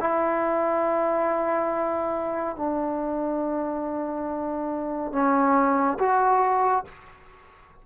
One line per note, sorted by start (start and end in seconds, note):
0.00 2.56 E4
2.56 5.12 D4
5.12 5.98 C#4
5.99 6.85 F#4